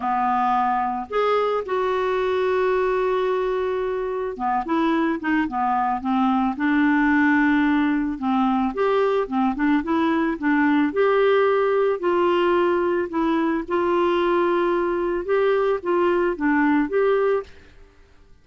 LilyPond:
\new Staff \with { instrumentName = "clarinet" } { \time 4/4 \tempo 4 = 110 b2 gis'4 fis'4~ | fis'1 | b8 e'4 dis'8 b4 c'4 | d'2. c'4 |
g'4 c'8 d'8 e'4 d'4 | g'2 f'2 | e'4 f'2. | g'4 f'4 d'4 g'4 | }